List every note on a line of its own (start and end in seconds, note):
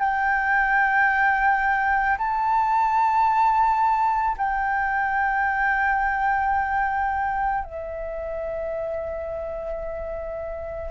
0.00 2.18 G5
2.19 4.37 A5
4.38 7.65 G5
7.65 10.91 E5